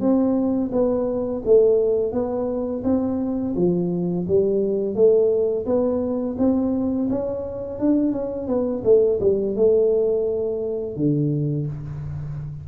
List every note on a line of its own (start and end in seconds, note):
0.00 0.71 C4
0.72 1.42 B3
1.45 2.12 A3
2.12 2.83 B3
2.84 3.54 C4
3.56 4.26 F3
4.27 4.95 G3
4.95 5.65 A3
5.65 6.36 B3
6.38 7.08 C4
7.09 7.79 C#4
7.79 8.12 D4
8.12 8.47 C#4
8.47 8.82 B3
8.84 9.19 A3
9.20 9.56 G3
9.56 10.96 A3
10.96 11.66 D3